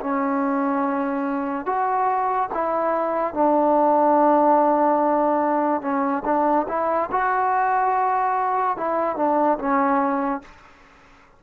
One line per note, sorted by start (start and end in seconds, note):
0.00 1.65 C#4
1.65 2.48 F#4
2.53 3.33 E4
3.33 5.81 D4
5.81 6.23 C#4
6.25 6.66 D4
6.68 7.09 E4
7.11 8.77 F#4
8.77 9.16 E4
9.16 9.58 D4
9.58 10.42 C#4